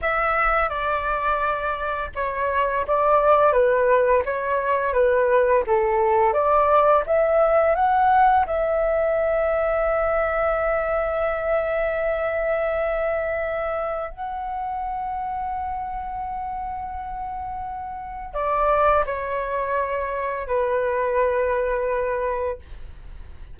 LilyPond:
\new Staff \with { instrumentName = "flute" } { \time 4/4 \tempo 4 = 85 e''4 d''2 cis''4 | d''4 b'4 cis''4 b'4 | a'4 d''4 e''4 fis''4 | e''1~ |
e''1 | fis''1~ | fis''2 d''4 cis''4~ | cis''4 b'2. | }